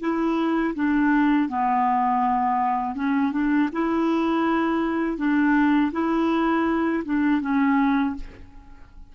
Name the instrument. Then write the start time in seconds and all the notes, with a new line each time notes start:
clarinet
0.00 E4
0.75 D4
1.49 B3
2.95 C#4
3.32 D4
3.72 E4
5.18 D4
5.92 E4
7.05 D4
7.41 C#4